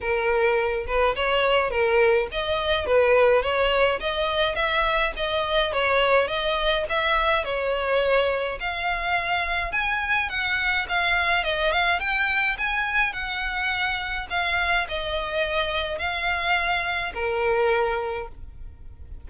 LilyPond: \new Staff \with { instrumentName = "violin" } { \time 4/4 \tempo 4 = 105 ais'4. b'8 cis''4 ais'4 | dis''4 b'4 cis''4 dis''4 | e''4 dis''4 cis''4 dis''4 | e''4 cis''2 f''4~ |
f''4 gis''4 fis''4 f''4 | dis''8 f''8 g''4 gis''4 fis''4~ | fis''4 f''4 dis''2 | f''2 ais'2 | }